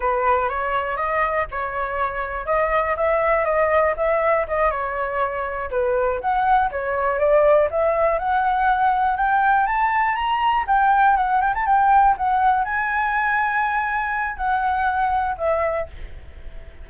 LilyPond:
\new Staff \with { instrumentName = "flute" } { \time 4/4 \tempo 4 = 121 b'4 cis''4 dis''4 cis''4~ | cis''4 dis''4 e''4 dis''4 | e''4 dis''8 cis''2 b'8~ | b'8 fis''4 cis''4 d''4 e''8~ |
e''8 fis''2 g''4 a''8~ | a''8 ais''4 g''4 fis''8 g''16 a''16 g''8~ | g''8 fis''4 gis''2~ gis''8~ | gis''4 fis''2 e''4 | }